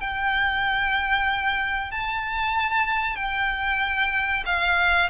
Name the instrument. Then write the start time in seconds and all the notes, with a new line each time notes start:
violin
0.00 G5
1.91 A5
3.16 G5
4.46 F5